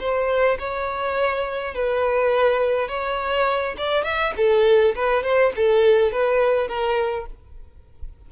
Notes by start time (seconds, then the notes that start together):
0.00 C5
0.59 C#5
1.75 B4
2.89 C#5
3.78 D5
4.05 E5
4.37 A4
4.96 B4
5.23 C5
5.57 A4
6.12 B4
6.68 A#4